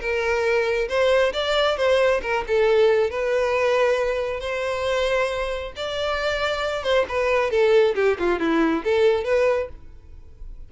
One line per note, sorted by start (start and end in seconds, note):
0.00 0.88 A#4
0.88 1.32 C5
1.33 1.77 D5
1.77 2.21 C5
2.22 2.44 A#4
2.47 3.10 A4
3.10 4.40 B4
4.40 5.73 C5
5.76 6.83 D5
6.83 7.05 C5
7.08 7.50 B4
7.50 7.95 A4
7.95 8.17 G4
8.19 8.39 F4
8.39 8.83 E4
8.84 9.24 A4
9.24 9.68 B4